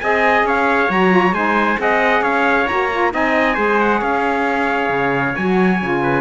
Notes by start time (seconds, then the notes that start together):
0.00 C4 G#4 D#5 G#5
0.43 C#4 C#5 F5
0.89 F#3 F#4 A#5
1.10 F4
1.32 G#3 D#4 C5 G#5
1.78 C4 G#4 D#5 F#5
2.22 C#4 C#5 F5
2.68 A#3 F#4 A#5
2.91 F4
3.12 C4 D#4 D#5 G#5
3.55 G#3 G#4 C5
3.81 F#5
4.00 C#4 C#5 F5
4.90 C#3
5.36 F#3 F#4 G#5
5.82 C#3 F4
6.03 B4